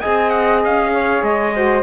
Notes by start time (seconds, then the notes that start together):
0.00 C4 G#4 D#5 G#5
0.30 F#5
0.65 C#4 F5
0.94 C#5
1.22 G#3 D#5
1.54 F#4 C5